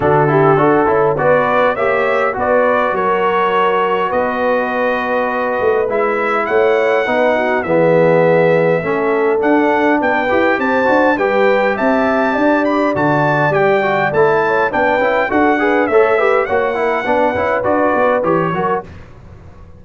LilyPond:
<<
  \new Staff \with { instrumentName = "trumpet" } { \time 4/4 \tempo 4 = 102 a'2 d''4 e''4 | d''4 cis''2 dis''4~ | dis''2 e''4 fis''4~ | fis''4 e''2. |
fis''4 g''4 a''4 g''4 | a''4. b''8 a''4 g''4 | a''4 g''4 fis''4 e''4 | fis''2 d''4 cis''4 | }
  \new Staff \with { instrumentName = "horn" } { \time 4/4 fis'8 g'8 a'4 b'4 cis''4 | b'4 ais'2 b'4~ | b'2. cis''4 | b'8 fis'8 gis'2 a'4~ |
a'4 b'4 c''4 b'4 | e''4 d''2.~ | d''8 cis''8 b'4 a'8 b'8 cis''8 b'8 | cis''8 ais'8 b'2~ b'8 ais'8 | }
  \new Staff \with { instrumentName = "trombone" } { \time 4/4 d'8 e'8 fis'8 e'8 fis'4 g'4 | fis'1~ | fis'2 e'2 | dis'4 b2 cis'4 |
d'4. g'4 fis'8 g'4~ | g'2 fis'4 g'8 fis'8 | e'4 d'8 e'8 fis'8 gis'8 a'8 g'8 | fis'8 e'8 d'8 e'8 fis'4 g'8 fis'8 | }
  \new Staff \with { instrumentName = "tuba" } { \time 4/4 d4 d'8 cis'8 b4 ais4 | b4 fis2 b4~ | b4. a8 gis4 a4 | b4 e2 a4 |
d'4 b8 e'8 c'8 d'8 g4 | c'4 d'4 d4 g4 | a4 b8 cis'8 d'4 a4 | ais4 b8 cis'8 d'8 b8 e8 fis8 | }
>>